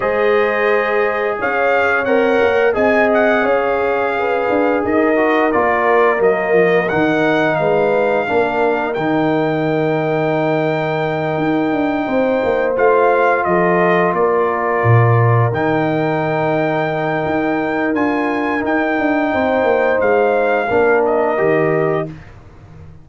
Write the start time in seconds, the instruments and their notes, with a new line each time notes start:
0.00 tuba G#3, trombone G#4, horn C5, trumpet D#5
1.38 tuba C#4, horn C#5, trumpet F5
2.04 tuba C4, trombone A#4, trumpet F#5
2.41 tuba A#3
2.73 tuba C4, trombone G#4, horn D#5, trumpet G#5
3.13 trumpet F#5
3.43 tuba C#4, horn C#5, trumpet F5
4.18 horn B4
4.49 tuba D4
4.84 tuba D#4, horn A#4, trumpet D#5
5.16 trombone F#4
5.52 tuba A#3, trombone F4, trumpet D5
6.17 tuba F#3, trombone A#3, trumpet D#5
6.52 tuba F3
6.88 tuba D#3, trombone D#4, trumpet F#5
7.55 tuba G#3, horn B4, trumpet F5
8.26 tuba A#3, trombone D4, horn A#4
8.94 tuba D#3, trombone D#4, trumpet G5
11.37 tuba D#4
11.72 tuba D4
12.06 tuba C4, horn C5
12.43 tuba A#3
12.75 tuba A3, trombone F4, trumpet F5
13.44 tuba F3, horn A4, trumpet D#5
14.13 tuba A#3, horn A#4, trumpet D5
14.83 tuba A#2
15.52 tuba D#3, trombone D#4, trumpet G5
17.25 tuba D#4
17.93 tuba D4, trombone F4, trumpet G#5
18.60 trombone D#4, tuba D#4, trumpet G5
18.98 tuba D4
19.33 tuba C4, horn C5
19.63 tuba A#3
20.00 tuba G#3, trumpet F5
20.67 tuba A#3, trombone D4, horn A#4
21.05 trumpet D#5
21.37 tuba D#3, trombone G4